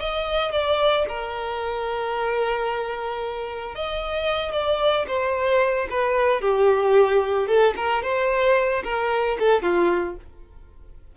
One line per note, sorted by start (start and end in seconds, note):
0.00 0.52 D#5
0.52 1.06 D5
1.09 3.75 A#4
3.75 4.52 D#5
4.52 5.06 D5
5.07 5.88 C5
5.90 6.41 B4
6.41 7.48 G4
7.48 7.75 A4
7.76 8.03 A#4
8.03 8.83 C5
8.84 9.37 A#4
9.39 9.63 A4
9.63 10.16 F4